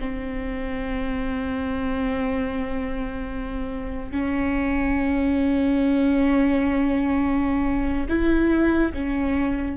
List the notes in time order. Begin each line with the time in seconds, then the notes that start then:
0.00 C4
4.11 C#4
8.09 E4
8.94 C#4